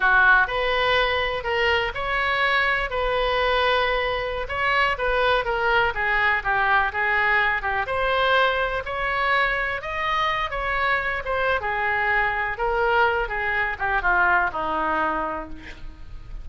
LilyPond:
\new Staff \with { instrumentName = "oboe" } { \time 4/4 \tempo 4 = 124 fis'4 b'2 ais'4 | cis''2 b'2~ | b'4~ b'16 cis''4 b'4 ais'8.~ | ais'16 gis'4 g'4 gis'4. g'16~ |
g'16 c''2 cis''4.~ cis''16~ | cis''16 dis''4. cis''4. c''8. | gis'2 ais'4. gis'8~ | gis'8 g'8 f'4 dis'2 | }